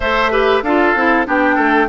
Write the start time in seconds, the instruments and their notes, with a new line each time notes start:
0.00 bassoon A3, clarinet A4, oboe C5, flute E5
0.30 clarinet G4, oboe B4
0.62 bassoon D4, clarinet F4, oboe A4, flute F5
0.94 bassoon C4, clarinet E4
1.25 bassoon B3, clarinet D4, oboe G4, flute G5
1.55 bassoon A3, oboe A4